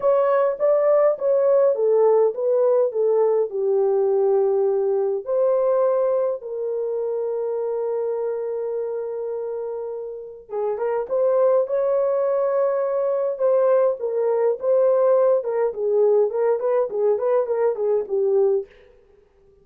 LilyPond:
\new Staff \with { instrumentName = "horn" } { \time 4/4 \tempo 4 = 103 cis''4 d''4 cis''4 a'4 | b'4 a'4 g'2~ | g'4 c''2 ais'4~ | ais'1~ |
ais'2 gis'8 ais'8 c''4 | cis''2. c''4 | ais'4 c''4. ais'8 gis'4 | ais'8 b'8 gis'8 b'8 ais'8 gis'8 g'4 | }